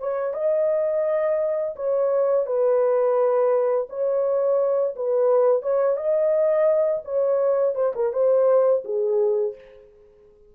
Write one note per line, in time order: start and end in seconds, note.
0.00 0.34 C#5
0.34 1.75 D#5
1.76 2.47 C#5
2.47 3.88 B4
3.90 4.96 C#5
4.96 5.62 B4
5.62 5.97 C#5
5.97 7.03 D#5
7.05 7.76 C#5
7.76 7.93 C5
7.96 8.13 A#4
8.13 8.84 C5
8.85 9.56 G#4